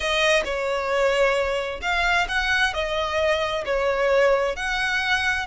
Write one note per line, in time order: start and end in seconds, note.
0.00 0.42 D#5
0.44 1.81 C#5
1.81 2.27 F5
2.28 2.73 F#5
2.73 3.64 D#5
3.65 4.56 C#5
4.56 5.46 F#5